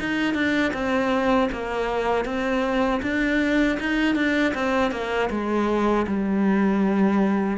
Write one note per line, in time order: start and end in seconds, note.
0.00 0.34 D#4
0.34 0.72 D4
0.74 1.49 C4
1.52 2.25 A#3
2.25 3.01 C4
3.02 3.78 D4
3.80 4.15 D#4
4.15 4.53 D4
4.54 4.92 C4
4.92 5.30 A#3
5.30 6.06 G#3
6.07 7.58 G3